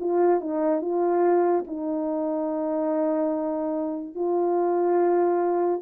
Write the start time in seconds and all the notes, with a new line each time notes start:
0.00 F4
0.41 D#4
0.81 F4
1.67 D#4
4.16 F4